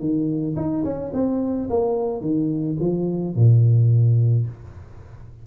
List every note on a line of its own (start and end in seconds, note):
0.00 0.56 D#3
0.56 0.84 D#4
0.84 1.12 C#4
1.14 1.69 C4
1.70 2.21 A#3
2.21 2.77 D#3
2.80 3.36 F3
3.36 4.47 A#2